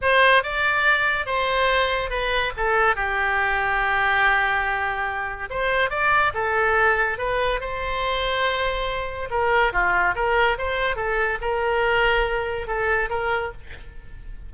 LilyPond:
\new Staff \with { instrumentName = "oboe" } { \time 4/4 \tempo 4 = 142 c''4 d''2 c''4~ | c''4 b'4 a'4 g'4~ | g'1~ | g'4 c''4 d''4 a'4~ |
a'4 b'4 c''2~ | c''2 ais'4 f'4 | ais'4 c''4 a'4 ais'4~ | ais'2 a'4 ais'4 | }